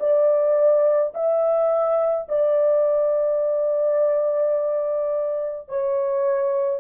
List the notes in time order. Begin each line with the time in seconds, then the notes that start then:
0.00 D5
1.15 E5
2.29 D5
5.69 C#5